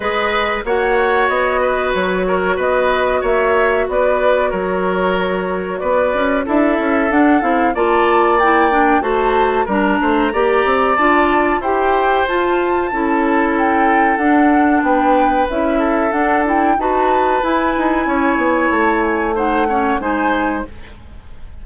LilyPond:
<<
  \new Staff \with { instrumentName = "flute" } { \time 4/4 \tempo 4 = 93 dis''4 fis''4 dis''4 cis''4 | dis''4 e''4 d''4 cis''4~ | cis''4 d''4 e''4 fis''8 f''8 | a''4 g''4 a''4 ais''4~ |
ais''4 a''4 g''4 a''4~ | a''4 g''4 fis''4 g''4 | e''4 fis''8 g''8 a''4 gis''4~ | gis''4 a''8 gis''8 fis''4 gis''4 | }
  \new Staff \with { instrumentName = "oboe" } { \time 4/4 b'4 cis''4. b'4 ais'8 | b'4 cis''4 b'4 ais'4~ | ais'4 b'4 a'2 | d''2 c''4 ais'8 c''8 |
d''2 c''2 | a'2. b'4~ | b'8 a'4. b'2 | cis''2 c''8 cis''8 c''4 | }
  \new Staff \with { instrumentName = "clarinet" } { \time 4/4 gis'4 fis'2.~ | fis'1~ | fis'2 e'4 d'8 e'8 | f'4 e'8 d'8 fis'4 d'4 |
g'4 f'4 g'4 f'4 | e'2 d'2 | e'4 d'8 e'8 fis'4 e'4~ | e'2 dis'8 cis'8 dis'4 | }
  \new Staff \with { instrumentName = "bassoon" } { \time 4/4 gis4 ais4 b4 fis4 | b4 ais4 b4 fis4~ | fis4 b8 cis'8 d'8 cis'8 d'8 c'8 | ais2 a4 g8 a8 |
ais8 c'8 d'4 e'4 f'4 | cis'2 d'4 b4 | cis'4 d'4 dis'4 e'8 dis'8 | cis'8 b8 a2 gis4 | }
>>